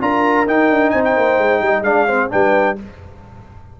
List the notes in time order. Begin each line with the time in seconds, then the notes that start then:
0.00 D4 F4 A#4 A#5
0.46 D#4 G5
0.70 D4
0.90 C4 C5 G#5
1.04 G5
1.17 A#3
1.38 G#3
1.60 G3 D#5
1.81 G#3 D4 D5 F5
2.07 C4 C5
2.29 G3 D4 B4 G5